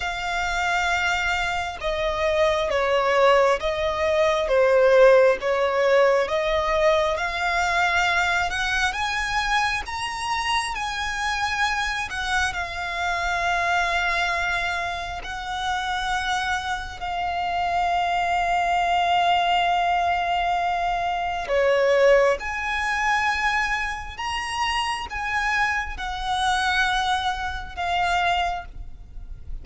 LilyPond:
\new Staff \with { instrumentName = "violin" } { \time 4/4 \tempo 4 = 67 f''2 dis''4 cis''4 | dis''4 c''4 cis''4 dis''4 | f''4. fis''8 gis''4 ais''4 | gis''4. fis''8 f''2~ |
f''4 fis''2 f''4~ | f''1 | cis''4 gis''2 ais''4 | gis''4 fis''2 f''4 | }